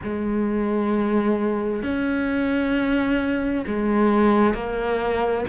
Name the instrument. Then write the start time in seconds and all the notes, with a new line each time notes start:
cello
0.02 G#3
1.82 C#4
3.67 G#3
4.54 A#3